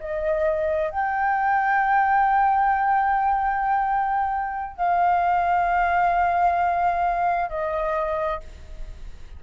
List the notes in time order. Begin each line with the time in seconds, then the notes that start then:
0.00 D#5
0.91 G5
4.77 F5
7.50 D#5